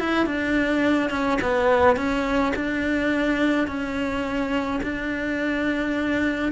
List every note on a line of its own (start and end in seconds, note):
0.00 0.27 E4
0.27 1.10 D4
1.10 1.39 C#4
1.42 1.97 B3
1.97 2.54 C#4
2.56 3.68 D4
3.68 4.81 C#4
4.83 6.52 D4